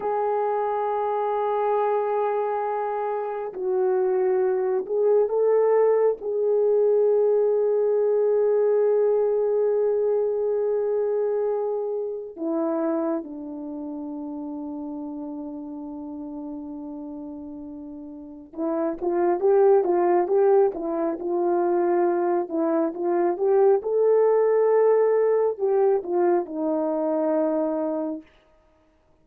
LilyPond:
\new Staff \with { instrumentName = "horn" } { \time 4/4 \tempo 4 = 68 gis'1 | fis'4. gis'8 a'4 gis'4~ | gis'1~ | gis'2 e'4 d'4~ |
d'1~ | d'4 e'8 f'8 g'8 f'8 g'8 e'8 | f'4. e'8 f'8 g'8 a'4~ | a'4 g'8 f'8 dis'2 | }